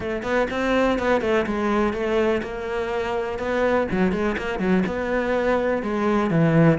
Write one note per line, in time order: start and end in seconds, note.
0.00 0.22 A3
0.22 0.47 B3
0.50 0.98 C4
0.99 1.21 B3
1.21 1.45 A3
1.46 1.93 G#3
1.93 2.41 A3
2.42 3.38 A#3
3.38 3.87 B3
3.91 4.12 F#3
4.12 4.36 G#3
4.37 4.59 A#3
4.59 4.83 F#3
4.86 5.82 B3
5.82 6.30 G#3
6.30 6.78 E3